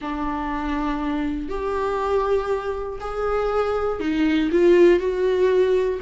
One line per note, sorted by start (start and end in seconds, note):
0.01 1.48 D4
1.48 2.98 G4
3.00 4.00 G#4
4.00 4.50 D#4
4.51 4.99 F4
4.99 5.99 F#4